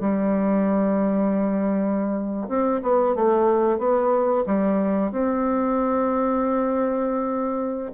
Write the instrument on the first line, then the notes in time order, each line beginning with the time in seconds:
bassoon
0.00 G3
2.48 C4
2.82 B3
3.15 A3
3.79 B3
4.46 G3
5.11 C4